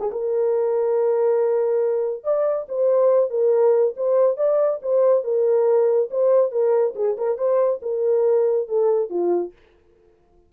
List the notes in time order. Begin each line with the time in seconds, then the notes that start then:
0.00 G#4
0.12 A#4
2.24 D5
2.69 C5
3.30 A#4
3.97 C5
4.37 D5
4.82 C5
5.24 A#4
6.11 C5
6.52 A#4
6.95 G#4
7.18 A#4
7.38 C5
7.83 A#4
8.68 A4
9.10 F4